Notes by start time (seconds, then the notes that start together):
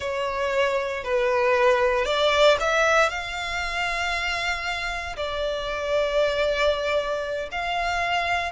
0.00 C#5
1.03 B4
2.05 D5
2.60 E5
3.09 F5
5.16 D5
7.51 F5